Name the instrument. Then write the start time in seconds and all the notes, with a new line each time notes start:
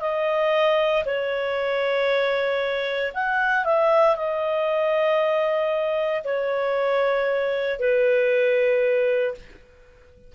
clarinet
0.00 D#5
1.05 C#5
3.13 F#5
3.64 E5
4.16 D#5
6.24 C#5
7.79 B4